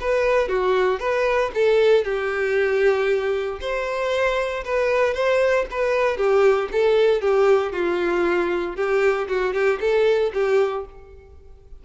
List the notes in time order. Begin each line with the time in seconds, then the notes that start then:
0.00 B4
0.48 F#4
0.99 B4
1.54 A4
2.04 G4
3.60 C5
4.64 B4
5.14 C5
5.70 B4
6.17 G4
6.72 A4
7.21 G4
7.72 F4
8.76 G4
9.28 F#4
9.53 G4
9.80 A4
10.33 G4